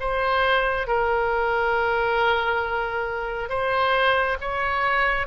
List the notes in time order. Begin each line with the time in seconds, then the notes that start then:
0.00 C5
0.87 A#4
3.49 C5
4.41 C#5